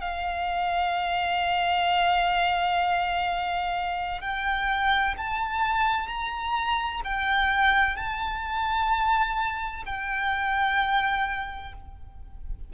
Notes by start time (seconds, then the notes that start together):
0.00 F5
4.21 G5
5.17 A5
6.07 A#5
7.04 G5
7.96 A5
9.85 G5